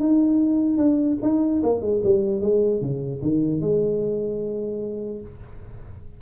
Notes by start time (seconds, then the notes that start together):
0.00 D#4
0.77 D4
1.23 D#4
1.63 A#3
1.82 G#3
2.04 G3
2.41 G#3
2.81 C#3
3.22 D#3
3.61 G#3